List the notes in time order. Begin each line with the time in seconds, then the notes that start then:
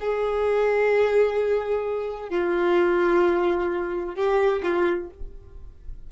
0.00 G#4
2.30 F4
4.15 G4
4.63 F4